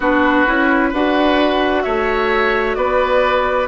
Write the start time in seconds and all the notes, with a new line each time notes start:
0.00 B3 D4 F#4 B4
0.46 C#4 E4
0.90 D4 F#4 B4 F#5
1.82 A3 C#5 E5
2.74 B3 B4 D5